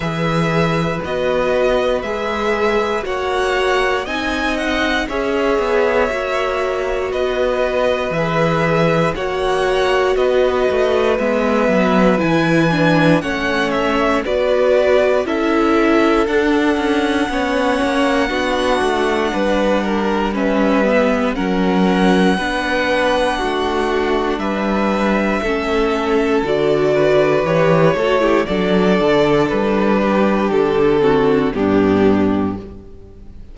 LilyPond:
<<
  \new Staff \with { instrumentName = "violin" } { \time 4/4 \tempo 4 = 59 e''4 dis''4 e''4 fis''4 | gis''8 fis''8 e''2 dis''4 | e''4 fis''4 dis''4 e''4 | gis''4 fis''8 e''8 d''4 e''4 |
fis''1 | e''4 fis''2. | e''2 d''4 cis''4 | d''4 b'4 a'4 g'4 | }
  \new Staff \with { instrumentName = "violin" } { \time 4/4 b'2. cis''4 | dis''4 cis''2 b'4~ | b'4 cis''4 b'2~ | b'4 cis''4 b'4 a'4~ |
a'4 cis''4 fis'4 b'8 ais'8 | b'4 ais'4 b'4 fis'4 | b'4 a'4. b'4 a'16 g'16 | a'4. g'4 fis'8 d'4 | }
  \new Staff \with { instrumentName = "viola" } { \time 4/4 gis'4 fis'4 gis'4 fis'4 | dis'4 gis'4 fis'2 | gis'4 fis'2 b4 | e'8 d'8 cis'4 fis'4 e'4 |
d'4 cis'4 d'2 | cis'8 b8 cis'4 d'2~ | d'4 cis'4 fis'4 g'8 fis'16 e'16 | d'2~ d'8 c'8 b4 | }
  \new Staff \with { instrumentName = "cello" } { \time 4/4 e4 b4 gis4 ais4 | c'4 cis'8 b8 ais4 b4 | e4 ais4 b8 a8 gis8 fis8 | e4 a4 b4 cis'4 |
d'8 cis'8 b8 ais8 b8 a8 g4~ | g4 fis4 b4 a4 | g4 a4 d4 e8 a8 | fis8 d8 g4 d4 g,4 | }
>>